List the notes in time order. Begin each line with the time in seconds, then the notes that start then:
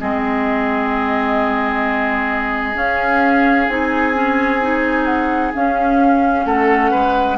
0.00 G#3 C4 G#4 D#5
2.75 C#4 F5
3.69 C4 D#4 G#5
4.14 C#4
4.62 D#4
5.06 F#5
5.55 C#4 F5
6.46 A3 A4 F#5
6.91 G#3 B4